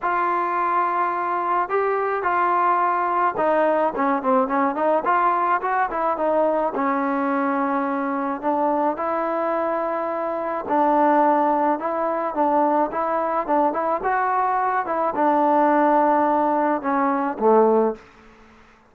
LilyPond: \new Staff \with { instrumentName = "trombone" } { \time 4/4 \tempo 4 = 107 f'2. g'4 | f'2 dis'4 cis'8 c'8 | cis'8 dis'8 f'4 fis'8 e'8 dis'4 | cis'2. d'4 |
e'2. d'4~ | d'4 e'4 d'4 e'4 | d'8 e'8 fis'4. e'8 d'4~ | d'2 cis'4 a4 | }